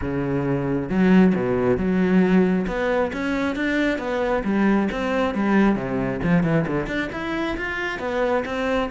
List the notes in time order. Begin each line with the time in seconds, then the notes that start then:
0.01 C#3
0.89 F#3
1.35 B2
1.77 F#3
2.67 B3
3.12 C#4
3.55 D4
3.98 B3
4.44 G3
4.91 C4
5.34 G3
5.75 C3
6.23 F3
6.43 E3
6.66 D3
6.86 D4
7.12 E4
7.57 F4
7.99 B3
8.45 C4